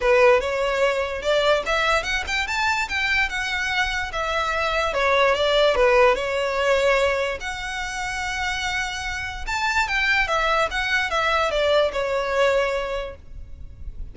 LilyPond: \new Staff \with { instrumentName = "violin" } { \time 4/4 \tempo 4 = 146 b'4 cis''2 d''4 | e''4 fis''8 g''8 a''4 g''4 | fis''2 e''2 | cis''4 d''4 b'4 cis''4~ |
cis''2 fis''2~ | fis''2. a''4 | g''4 e''4 fis''4 e''4 | d''4 cis''2. | }